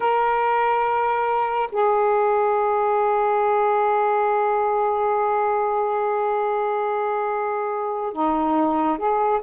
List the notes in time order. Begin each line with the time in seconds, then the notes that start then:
0.00 A#4
1.71 G#4
8.12 D#4
8.98 G#4